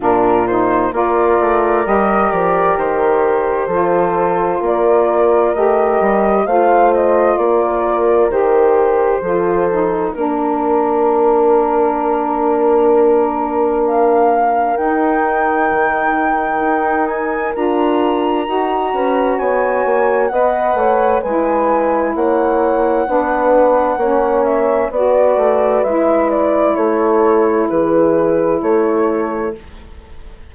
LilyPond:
<<
  \new Staff \with { instrumentName = "flute" } { \time 4/4 \tempo 4 = 65 ais'8 c''8 d''4 dis''8 d''8 c''4~ | c''4 d''4 dis''4 f''8 dis''8 | d''4 c''2 ais'4~ | ais'2. f''4 |
g''2~ g''8 gis''8 ais''4~ | ais''4 gis''4 fis''4 gis''4 | fis''2~ fis''8 e''8 d''4 | e''8 d''8 cis''4 b'4 cis''4 | }
  \new Staff \with { instrumentName = "horn" } { \time 4/4 f'4 ais'2. | a'4 ais'2 c''4 | ais'2 a'4 ais'4~ | ais'1~ |
ais'1~ | ais'8 b'8 cis''4 dis''8 cis''8 b'4 | cis''4 b'4 cis''4 b'4~ | b'4 a'4 gis'4 a'4 | }
  \new Staff \with { instrumentName = "saxophone" } { \time 4/4 d'8 dis'8 f'4 g'2 | f'2 g'4 f'4~ | f'4 g'4 f'8 dis'8 d'4~ | d'1 |
dis'2. f'4 | fis'2 b'4 e'4~ | e'4 d'4 cis'4 fis'4 | e'1 | }
  \new Staff \with { instrumentName = "bassoon" } { \time 4/4 ais,4 ais8 a8 g8 f8 dis4 | f4 ais4 a8 g8 a4 | ais4 dis4 f4 ais4~ | ais1 |
dis'4 dis4 dis'4 d'4 | dis'8 cis'8 b8 ais8 b8 a8 gis4 | ais4 b4 ais4 b8 a8 | gis4 a4 e4 a4 | }
>>